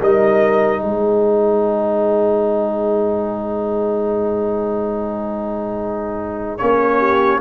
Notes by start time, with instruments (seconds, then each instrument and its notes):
0.00 tuba G3, trombone D#4, horn A#4, trumpet D#5
0.81 tuba G#3, horn G#4, trumpet C5
6.58 tuba A#3, trombone C#4, trumpet C#5
6.98 horn G4